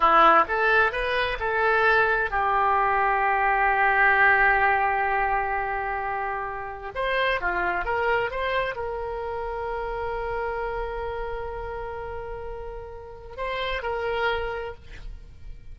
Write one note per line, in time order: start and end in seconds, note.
0.00 0.44 E4
0.48 0.91 A4
0.91 1.38 B4
1.39 2.30 A4
2.30 6.91 G4
6.94 7.40 C5
7.40 7.84 F4
7.84 8.30 A#4
8.30 8.75 C5
8.75 13.36 A#4
13.36 13.82 C5
13.82 14.74 A#4